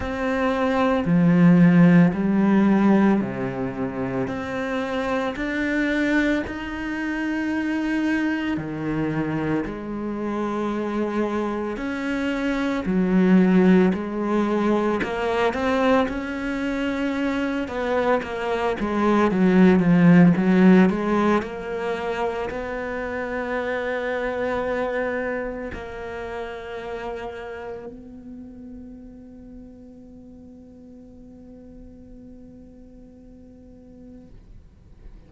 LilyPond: \new Staff \with { instrumentName = "cello" } { \time 4/4 \tempo 4 = 56 c'4 f4 g4 c4 | c'4 d'4 dis'2 | dis4 gis2 cis'4 | fis4 gis4 ais8 c'8 cis'4~ |
cis'8 b8 ais8 gis8 fis8 f8 fis8 gis8 | ais4 b2. | ais2 b2~ | b1 | }